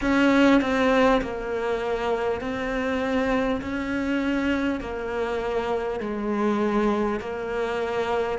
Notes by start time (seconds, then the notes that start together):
0.01 C#4
0.61 C4
1.21 A#3
2.41 C4
3.61 C#4
4.80 A#3
6.00 G#3
7.20 A#3